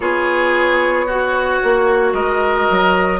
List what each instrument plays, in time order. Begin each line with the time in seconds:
0.00 bassoon B3, clarinet F4, oboe G#4, flute C#5
1.06 oboe F#4, clarinet F#4
1.63 bassoon A#3
2.13 bassoon G#3, oboe A#4, flute D#5
2.70 bassoon F#3